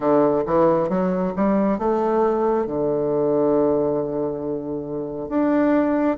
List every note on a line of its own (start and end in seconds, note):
0.00 0.43 D3
0.46 0.89 E3
0.89 1.33 F#3
1.36 1.78 G3
1.78 2.66 A3
2.66 5.29 D3
5.29 6.17 D4